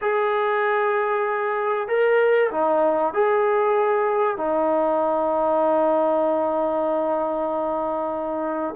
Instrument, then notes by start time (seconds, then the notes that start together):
trombone
0.01 G#4
1.88 A#4
2.51 D#4
3.13 G#4
4.37 D#4